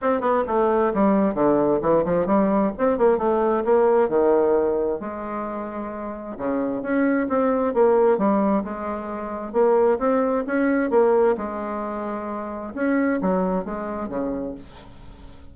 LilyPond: \new Staff \with { instrumentName = "bassoon" } { \time 4/4 \tempo 4 = 132 c'8 b8 a4 g4 d4 | e8 f8 g4 c'8 ais8 a4 | ais4 dis2 gis4~ | gis2 cis4 cis'4 |
c'4 ais4 g4 gis4~ | gis4 ais4 c'4 cis'4 | ais4 gis2. | cis'4 fis4 gis4 cis4 | }